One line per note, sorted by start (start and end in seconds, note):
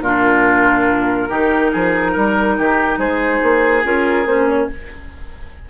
0.00 1.27 A#2
0.00 1.29 D4
0.00 1.29 F4
0.00 2.96 A#4
1.29 1.72 D#3
1.29 3.82 D#4
1.29 1.71 G4
1.72 2.16 F3
1.72 2.12 G#4
2.12 2.58 G3
2.12 2.54 A#4
2.58 2.97 D#3
2.58 2.99 G4
2.97 3.39 G#3
2.97 4.68 G#4
2.97 3.82 C5
3.42 3.84 A#3
3.84 4.25 C#4
3.84 4.26 F4
3.84 4.26 A#4
4.25 4.67 A#3
4.25 4.69 C#4
4.25 4.48 C5
4.48 4.69 C#5